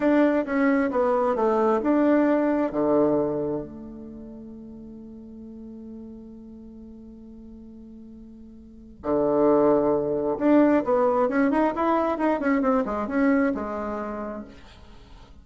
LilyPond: \new Staff \with { instrumentName = "bassoon" } { \time 4/4 \tempo 4 = 133 d'4 cis'4 b4 a4 | d'2 d2 | a1~ | a1~ |
a1 | d2. d'4 | b4 cis'8 dis'8 e'4 dis'8 cis'8 | c'8 gis8 cis'4 gis2 | }